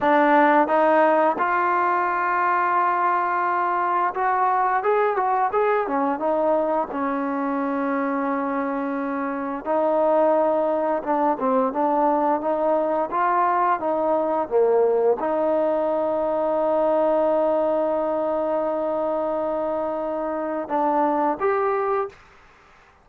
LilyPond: \new Staff \with { instrumentName = "trombone" } { \time 4/4 \tempo 4 = 87 d'4 dis'4 f'2~ | f'2 fis'4 gis'8 fis'8 | gis'8 cis'8 dis'4 cis'2~ | cis'2 dis'2 |
d'8 c'8 d'4 dis'4 f'4 | dis'4 ais4 dis'2~ | dis'1~ | dis'2 d'4 g'4 | }